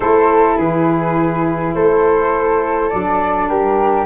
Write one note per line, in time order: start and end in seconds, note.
0.00 0.58 A3
0.00 2.90 E4
0.00 0.57 A4
0.00 0.56 C5
0.57 1.74 E3
0.57 1.74 G#4
0.57 1.74 B4
1.74 2.91 A3
1.74 3.49 A4
1.74 2.89 C5
2.89 3.49 F#3
2.89 4.05 D4
2.89 3.47 D5
3.48 4.05 G3
3.48 4.05 G4
3.48 4.05 A#4